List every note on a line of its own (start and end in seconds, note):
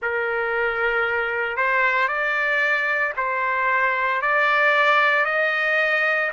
0.01 1.56 A#4
1.56 2.08 C5
2.08 3.13 D5
3.16 4.21 C5
4.21 5.25 D5
5.25 6.30 D#5